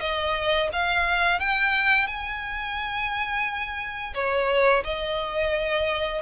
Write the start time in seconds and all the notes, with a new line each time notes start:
0.00 D#5
0.72 F5
1.40 G5
2.07 G#5
4.14 C#5
4.84 D#5